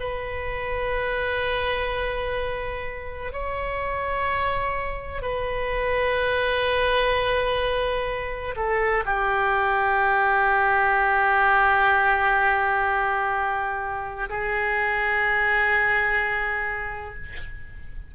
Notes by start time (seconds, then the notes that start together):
0.00 B4
3.33 C#5
5.22 B4
8.56 A4
9.06 G4
14.30 G#4